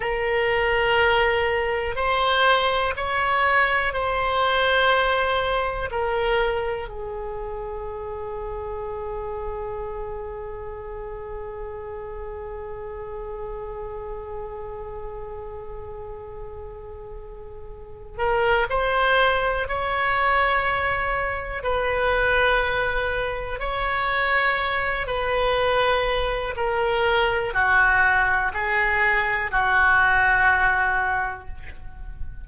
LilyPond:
\new Staff \with { instrumentName = "oboe" } { \time 4/4 \tempo 4 = 61 ais'2 c''4 cis''4 | c''2 ais'4 gis'4~ | gis'1~ | gis'1~ |
gis'2~ gis'8 ais'8 c''4 | cis''2 b'2 | cis''4. b'4. ais'4 | fis'4 gis'4 fis'2 | }